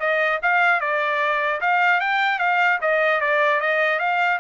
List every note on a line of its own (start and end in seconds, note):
0.00 0.40 D#5
0.42 0.80 F5
0.80 1.60 D5
1.61 2.01 F5
2.01 2.39 G5
2.39 2.79 F5
2.81 3.21 D#5
3.21 3.61 D5
3.61 3.99 D#5
3.99 4.39 F5